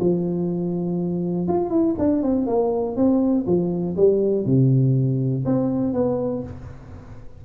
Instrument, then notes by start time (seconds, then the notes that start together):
tuba
0.00 F3
1.48 F4
1.71 E4
1.99 D4
2.23 C4
2.47 A#3
2.96 C4
3.47 F3
3.97 G3
4.46 C3
5.45 C4
5.94 B3